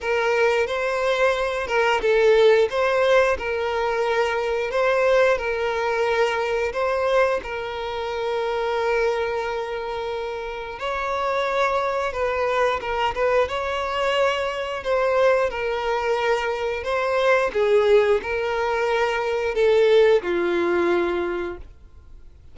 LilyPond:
\new Staff \with { instrumentName = "violin" } { \time 4/4 \tempo 4 = 89 ais'4 c''4. ais'8 a'4 | c''4 ais'2 c''4 | ais'2 c''4 ais'4~ | ais'1 |
cis''2 b'4 ais'8 b'8 | cis''2 c''4 ais'4~ | ais'4 c''4 gis'4 ais'4~ | ais'4 a'4 f'2 | }